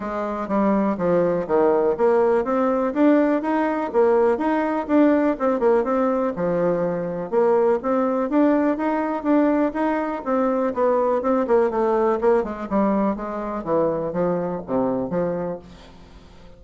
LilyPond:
\new Staff \with { instrumentName = "bassoon" } { \time 4/4 \tempo 4 = 123 gis4 g4 f4 dis4 | ais4 c'4 d'4 dis'4 | ais4 dis'4 d'4 c'8 ais8 | c'4 f2 ais4 |
c'4 d'4 dis'4 d'4 | dis'4 c'4 b4 c'8 ais8 | a4 ais8 gis8 g4 gis4 | e4 f4 c4 f4 | }